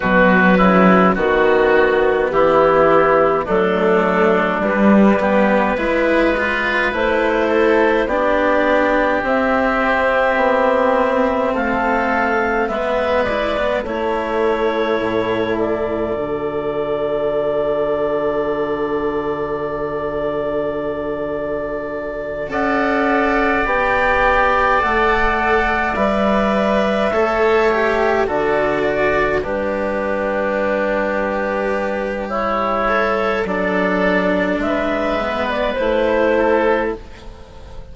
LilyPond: <<
  \new Staff \with { instrumentName = "clarinet" } { \time 4/4 \tempo 4 = 52 b'4 fis'4 g'4 a'4 | b'2 c''4 d''4 | e''2 f''4 e''8 d''8 | cis''4. d''2~ d''8~ |
d''2.~ d''8 fis''8~ | fis''8 g''4 fis''4 e''4.~ | e''8 d''4 b'2~ b'8 | cis''4 d''4 e''8. d''16 c''4 | }
  \new Staff \with { instrumentName = "oboe" } { \time 4/4 fis'8 e'8 fis'4 e'4 d'4~ | d'8 g'8 b'4. a'8 g'4~ | g'2 a'4 b'4 | a'1~ |
a'2.~ a'8 d''8~ | d''2.~ d''8 cis''8~ | cis''8 a'8 d''8 d'2~ d'8 | e'4 a'4 b'4. a'8 | }
  \new Staff \with { instrumentName = "cello" } { \time 4/4 fis4 b2 a4 | g8 b8 e'8 f'8 e'4 d'4 | c'2. b8 e'16 b16 | e'2 fis'2~ |
fis'2.~ fis'8 a'8~ | a'8 g'4 a'4 b'4 a'8 | g'8 fis'4 g'2~ g'8~ | g'8 a'8 d'4. b8 e'4 | }
  \new Staff \with { instrumentName = "bassoon" } { \time 4/4 b,8 cis8 dis4 e4 fis4 | g4 gis4 a4 b4 | c'4 b4 a4 gis4 | a4 a,4 d2~ |
d2.~ d8 cis'8~ | cis'8 b4 a4 g4 a8~ | a8 d4 g2~ g8~ | g4 fis4 gis4 a4 | }
>>